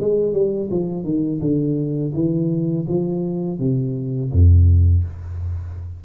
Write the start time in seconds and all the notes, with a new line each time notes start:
0.00 G#3
0.33 G3
0.71 F3
1.04 D#3
1.41 D3
2.14 E3
2.88 F3
3.59 C3
4.32 F2